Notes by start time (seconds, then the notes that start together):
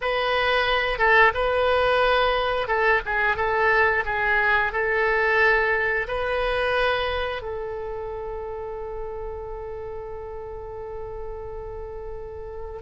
0.01 B4
0.98 A4
1.33 B4
2.67 A4
3.05 G#4
3.36 A4
4.05 G#4
4.72 A4
6.07 B4
7.42 A4